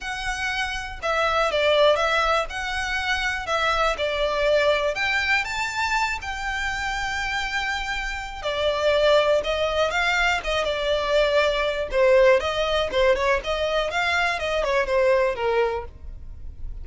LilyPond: \new Staff \with { instrumentName = "violin" } { \time 4/4 \tempo 4 = 121 fis''2 e''4 d''4 | e''4 fis''2 e''4 | d''2 g''4 a''4~ | a''8 g''2.~ g''8~ |
g''4 d''2 dis''4 | f''4 dis''8 d''2~ d''8 | c''4 dis''4 c''8 cis''8 dis''4 | f''4 dis''8 cis''8 c''4 ais'4 | }